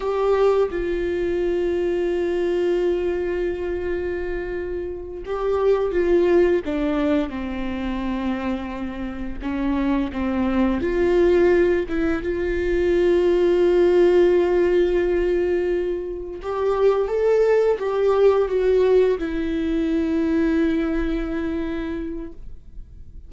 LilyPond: \new Staff \with { instrumentName = "viola" } { \time 4/4 \tempo 4 = 86 g'4 f'2.~ | f'2.~ f'8 g'8~ | g'8 f'4 d'4 c'4.~ | c'4. cis'4 c'4 f'8~ |
f'4 e'8 f'2~ f'8~ | f'2.~ f'8 g'8~ | g'8 a'4 g'4 fis'4 e'8~ | e'1 | }